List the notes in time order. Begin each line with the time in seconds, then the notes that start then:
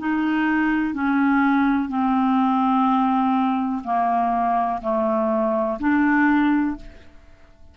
0.00 D#4
0.95 C#4
1.89 C4
3.84 A#3
4.82 A3
5.80 D4